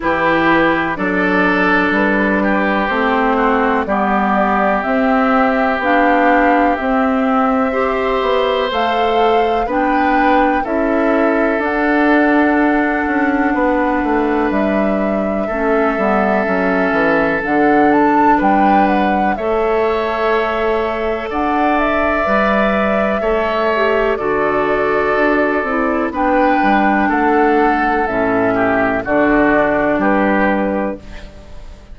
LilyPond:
<<
  \new Staff \with { instrumentName = "flute" } { \time 4/4 \tempo 4 = 62 b'4 d''4 b'4 c''4 | d''4 e''4 f''4 e''4~ | e''4 f''4 g''4 e''4 | fis''2. e''4~ |
e''2 fis''8 a''8 g''8 fis''8 | e''2 fis''8 e''4.~ | e''4 d''2 g''4 | fis''4 e''4 d''4 b'4 | }
  \new Staff \with { instrumentName = "oboe" } { \time 4/4 g'4 a'4. g'4 fis'8 | g'1 | c''2 b'4 a'4~ | a'2 b'2 |
a'2. b'4 | cis''2 d''2 | cis''4 a'2 b'4 | a'4. g'8 fis'4 g'4 | }
  \new Staff \with { instrumentName = "clarinet" } { \time 4/4 e'4 d'2 c'4 | b4 c'4 d'4 c'4 | g'4 a'4 d'4 e'4 | d'1 |
cis'8 b8 cis'4 d'2 | a'2. b'4 | a'8 g'8 fis'4. e'8 d'4~ | d'4 cis'4 d'2 | }
  \new Staff \with { instrumentName = "bassoon" } { \time 4/4 e4 fis4 g4 a4 | g4 c'4 b4 c'4~ | c'8 b8 a4 b4 cis'4 | d'4. cis'8 b8 a8 g4 |
a8 g8 fis8 e8 d4 g4 | a2 d'4 g4 | a4 d4 d'8 c'8 b8 g8 | a4 a,4 d4 g4 | }
>>